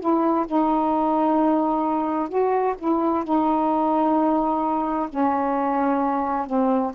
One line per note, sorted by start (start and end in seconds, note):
0.00 0.46 E4
0.47 2.29 D#4
2.29 2.75 F#4
2.79 3.24 E4
3.24 5.09 D#4
5.09 6.47 C#4
6.47 6.93 C4